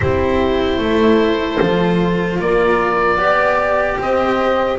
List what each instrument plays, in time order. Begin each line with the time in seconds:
0.00 double bass C4, cello E4, horn G4, oboe C5
0.78 double bass A3, horn A4
1.61 double bass F3, cello F4
2.39 double bass A#3, horn A#4, oboe D5
3.17 double bass B3, cello G4, horn D5
3.98 double bass C4, horn C5, oboe D#5